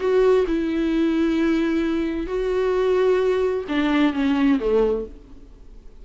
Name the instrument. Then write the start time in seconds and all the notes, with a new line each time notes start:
viola
0.00 F#4
0.48 E4
2.27 F#4
3.69 D4
4.14 C#4
4.60 A3